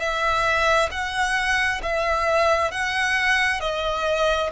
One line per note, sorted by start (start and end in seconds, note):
0.00 0.90 E5
0.91 1.81 F#5
1.83 2.71 E5
2.71 3.61 F#5
3.61 4.50 D#5